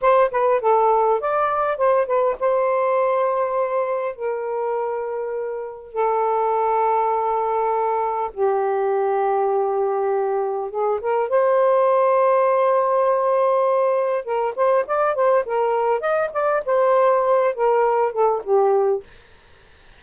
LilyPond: \new Staff \with { instrumentName = "saxophone" } { \time 4/4 \tempo 4 = 101 c''8 b'8 a'4 d''4 c''8 b'8 | c''2. ais'4~ | ais'2 a'2~ | a'2 g'2~ |
g'2 gis'8 ais'8 c''4~ | c''1 | ais'8 c''8 d''8 c''8 ais'4 dis''8 d''8 | c''4. ais'4 a'8 g'4 | }